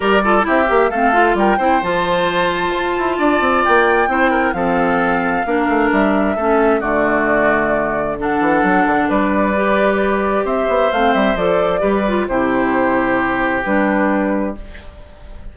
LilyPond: <<
  \new Staff \with { instrumentName = "flute" } { \time 4/4 \tempo 4 = 132 d''4 e''4 f''4 g''4 | a''1 | g''2 f''2~ | f''4 e''2 d''4~ |
d''2 fis''2 | d''2. e''4 | f''8 e''8 d''2 c''4~ | c''2 b'2 | }
  \new Staff \with { instrumentName = "oboe" } { \time 4/4 ais'8 a'8 g'4 a'4 ais'8 c''8~ | c''2. d''4~ | d''4 c''8 ais'8 a'2 | ais'2 a'4 fis'4~ |
fis'2 a'2 | b'2. c''4~ | c''2 b'4 g'4~ | g'1 | }
  \new Staff \with { instrumentName = "clarinet" } { \time 4/4 g'8 f'8 e'8 g'8 c'8 f'4 e'8 | f'1~ | f'4 e'4 c'2 | d'2 cis'4 a4~ |
a2 d'2~ | d'4 g'2. | c'4 a'4 g'8 f'8 e'4~ | e'2 d'2 | }
  \new Staff \with { instrumentName = "bassoon" } { \time 4/4 g4 c'8 ais8 a4 g8 c'8 | f2 f'8 e'8 d'8 c'8 | ais4 c'4 f2 | ais8 a8 g4 a4 d4~ |
d2~ d8 e8 fis8 d8 | g2. c'8 b8 | a8 g8 f4 g4 c4~ | c2 g2 | }
>>